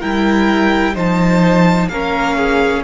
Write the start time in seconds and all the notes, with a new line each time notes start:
0.00 G3 E4 A#4 G5
0.94 F3 D#4 C5 A5
1.88 A#3 C#4 A#4 F5
2.37 G#4